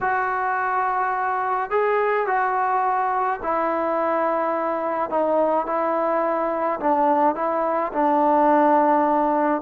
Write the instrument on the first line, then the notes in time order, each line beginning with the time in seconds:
trombone
0.01 F#4
1.70 G#4
2.26 F#4
3.42 E4
5.09 D#4
5.66 E4
6.80 D4
7.35 E4
7.92 D4